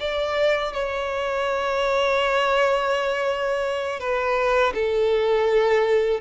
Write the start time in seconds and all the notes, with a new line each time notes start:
0.00 D5
0.73 C#5
4.00 B4
4.74 A4